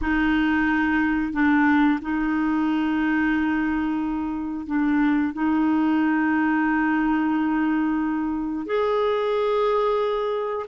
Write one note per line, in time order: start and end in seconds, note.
0.01 1.32 D#4
1.32 1.99 D4
2.01 4.66 D#4
4.66 5.33 D4
5.33 8.66 D#4
8.66 10.66 G#4